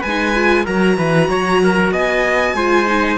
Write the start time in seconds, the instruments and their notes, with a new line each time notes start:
0.00 cello G#3, trumpet B4, violin G#5
0.08 viola D#4
0.35 viola F4
0.65 cello F#3, viola F#4, trumpet A#4, violin A#5
0.97 cello E3, trumpet B4
1.28 cello F#3, trumpet C#5
1.64 trumpet A#4
1.91 cello B3, trumpet D#5, violin G#5
2.54 cello G#3, viola F4, trumpet C5
2.87 viola D#4